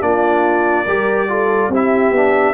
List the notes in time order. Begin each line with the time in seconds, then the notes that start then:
0.00 A#3 D4 F4 D5
0.85 G3 G4 A#4
1.29 F4 A4
1.69 C4 E4 G4
1.75 E5
2.11 B3 D4